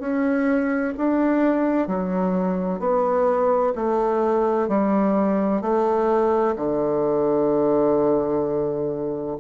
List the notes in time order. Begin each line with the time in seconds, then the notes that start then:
0.00 C#4
0.98 D4
1.87 F#3
2.80 B3
3.75 A3
4.68 G3
5.62 A3
6.56 D3